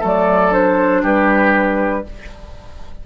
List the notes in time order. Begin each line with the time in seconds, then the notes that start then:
0.00 F#3 A3 A4
0.06 D5
0.51 D4 C5
1.03 G3 G4 B4